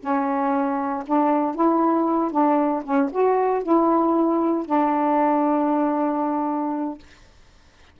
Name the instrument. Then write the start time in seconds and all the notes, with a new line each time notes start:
saxophone
0.00 C#4
1.06 D4
1.55 E4
2.31 D4
2.84 C#4
3.12 F#4
3.63 E4
4.66 D4